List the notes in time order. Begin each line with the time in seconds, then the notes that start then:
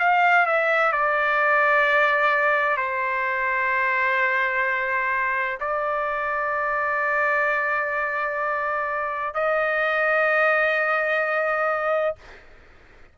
0.00 F5
0.47 E5
0.93 D5
2.78 C5
5.61 D5
9.35 D#5